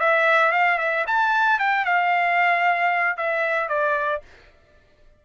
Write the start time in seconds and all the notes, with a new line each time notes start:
0.00 E5
0.52 F5
0.78 E5
1.07 A5
1.59 G5
1.85 F5
3.17 E5
3.69 D5